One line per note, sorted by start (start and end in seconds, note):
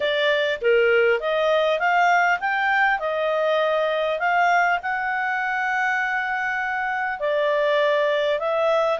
0.00 0.59 D5
0.61 1.20 A#4
1.20 1.79 D#5
1.79 2.39 F5
2.40 2.99 G5
2.99 4.19 D#5
4.19 4.79 F5
4.82 7.19 F#5
7.19 8.39 D5
8.39 8.99 E5